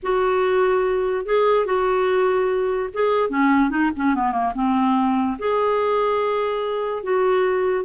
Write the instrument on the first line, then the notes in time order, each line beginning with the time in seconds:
clarinet
0.02 F#4
1.25 G#4
1.65 F#4
2.93 G#4
3.29 C#4
3.70 D#4
3.96 C#4
4.15 B3
4.32 A#3
4.54 C4
5.38 G#4
7.03 F#4